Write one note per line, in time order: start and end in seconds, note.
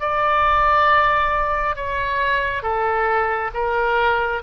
0.00 1.76 D5
1.76 2.62 C#5
2.62 3.51 A4
3.54 4.42 A#4